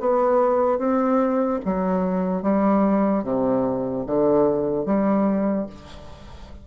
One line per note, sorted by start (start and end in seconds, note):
0.00 0.79 B3
0.79 1.60 C4
1.65 2.43 F#3
2.43 3.24 G3
3.24 4.05 C3
4.07 4.86 D3
4.86 5.67 G3